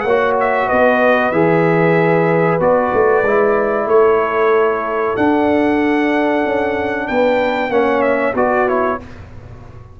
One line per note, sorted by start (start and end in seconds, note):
0.00 0.67 A#3
0.00 0.66 C#5
0.00 0.32 F#5
0.08 1.33 F#4
0.40 0.68 E5
0.66 1.31 B3
0.66 3.86 B4
0.66 1.31 D#5
1.31 2.59 E3
1.31 2.60 G#4
1.31 2.59 E5
2.60 2.92 B3
2.60 3.24 F#4
2.60 3.88 D5
2.93 3.22 A3
3.22 3.86 G#3
3.22 5.17 E4
3.86 5.13 A3
3.86 7.07 A4
3.86 5.16 C#5
5.16 6.44 D4
5.16 7.70 D4
5.16 7.07 F#5
6.45 7.09 C#4
7.07 7.69 B3
7.07 7.71 B4
7.07 7.70 G5
7.69 8.33 A#3
7.69 8.34 C#4
7.69 8.34 C#5
7.69 8.01 F#5
8.01 8.33 E5
8.34 8.98 B3
8.34 8.98 F#4
8.34 8.67 F#4
8.34 8.68 D5
8.67 8.99 E4
8.67 9.00 C#5